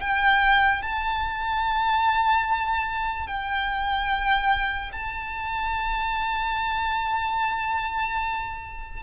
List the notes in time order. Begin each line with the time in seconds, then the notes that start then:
0.00 G5
0.82 A5
3.27 G5
4.92 A5